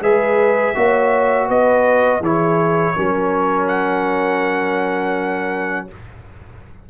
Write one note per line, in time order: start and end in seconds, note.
0.00 0.73 G#3
0.00 0.75 G#4
0.00 0.75 B4
0.00 1.49 E5
0.75 1.49 A#3
0.75 2.21 F#4
0.75 1.47 C#5
1.47 2.20 B3
1.47 2.20 B4
1.47 2.23 D#5
2.20 2.93 E3
2.20 2.95 E4
2.20 2.94 G#4
2.20 3.67 C#5
2.94 5.89 F#3
2.94 5.88 C#4
2.94 5.87 A#4
3.67 5.87 F#5